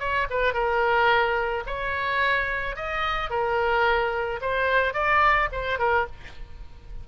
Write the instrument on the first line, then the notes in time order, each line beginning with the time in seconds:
oboe
0.00 C#5
0.30 B4
0.54 A#4
1.67 C#5
2.76 D#5
3.30 A#4
4.41 C5
4.94 D5
5.52 C5
5.79 A#4